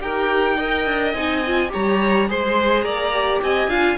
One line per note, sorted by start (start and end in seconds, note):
0.00 0.85 D#4
0.00 0.57 G4
0.00 0.57 A#4
0.00 1.13 G5
0.57 1.15 A#4
0.57 1.70 D#5
0.85 1.13 D4
1.13 1.70 C4
1.13 1.44 D#4
1.13 1.70 G#5
1.46 1.69 F4
1.69 2.29 G3
1.69 2.25 G4
1.69 2.29 C#5
1.69 2.30 A#5
2.28 2.84 G#3
2.28 3.13 G#4
2.28 2.84 C5
2.28 2.82 C6
2.82 3.41 A#3
2.82 3.41 D5
2.82 3.39 A#5
3.13 3.69 G4
3.42 3.67 C4
3.42 3.69 D#5
3.42 3.97 G#5
3.67 3.95 D4
3.67 3.97 F4
3.67 3.97 F5